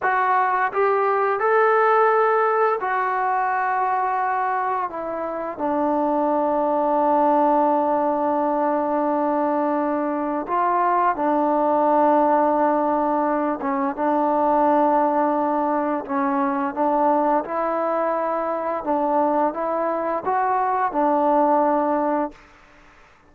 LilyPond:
\new Staff \with { instrumentName = "trombone" } { \time 4/4 \tempo 4 = 86 fis'4 g'4 a'2 | fis'2. e'4 | d'1~ | d'2. f'4 |
d'2.~ d'8 cis'8 | d'2. cis'4 | d'4 e'2 d'4 | e'4 fis'4 d'2 | }